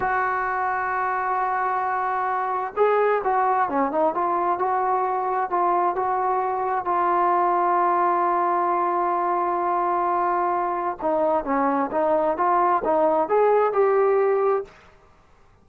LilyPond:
\new Staff \with { instrumentName = "trombone" } { \time 4/4 \tempo 4 = 131 fis'1~ | fis'2 gis'4 fis'4 | cis'8 dis'8 f'4 fis'2 | f'4 fis'2 f'4~ |
f'1~ | f'1 | dis'4 cis'4 dis'4 f'4 | dis'4 gis'4 g'2 | }